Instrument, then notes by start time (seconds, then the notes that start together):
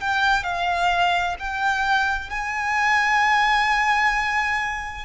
violin
0.00 G5
0.43 F5
1.39 G5
2.30 G#5